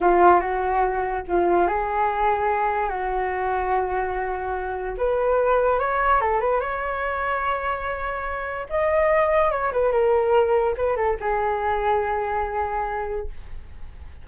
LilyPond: \new Staff \with { instrumentName = "flute" } { \time 4/4 \tempo 4 = 145 f'4 fis'2 f'4 | gis'2. fis'4~ | fis'1 | b'2 cis''4 a'8 b'8 |
cis''1~ | cis''4 dis''2 cis''8 b'8 | ais'2 b'8 a'8 gis'4~ | gis'1 | }